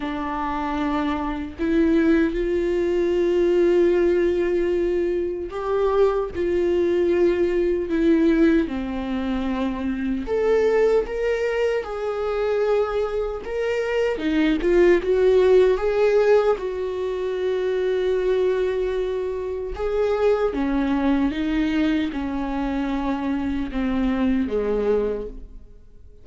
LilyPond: \new Staff \with { instrumentName = "viola" } { \time 4/4 \tempo 4 = 76 d'2 e'4 f'4~ | f'2. g'4 | f'2 e'4 c'4~ | c'4 a'4 ais'4 gis'4~ |
gis'4 ais'4 dis'8 f'8 fis'4 | gis'4 fis'2.~ | fis'4 gis'4 cis'4 dis'4 | cis'2 c'4 gis4 | }